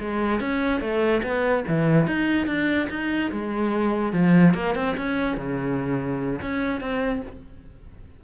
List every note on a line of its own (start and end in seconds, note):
0.00 0.40 G#3
0.40 0.80 C#4
0.80 1.22 A3
1.23 1.64 B3
1.68 2.07 E3
2.07 2.47 D#4
2.47 2.88 D4
2.90 3.31 D#4
3.31 4.13 G#3
4.13 4.54 F3
4.54 4.75 A#3
4.75 4.96 C4
4.97 5.37 C#4
5.37 6.40 C#3
6.41 6.81 C#4
6.81 7.22 C4